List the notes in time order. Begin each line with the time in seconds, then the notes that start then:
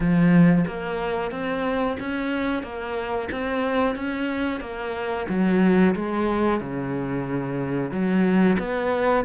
0.00 F3
0.67 A#3
1.31 C4
1.99 C#4
2.63 A#3
3.31 C4
3.95 C#4
4.60 A#3
5.28 F#3
5.95 G#3
6.60 C#3
7.91 F#3
8.58 B3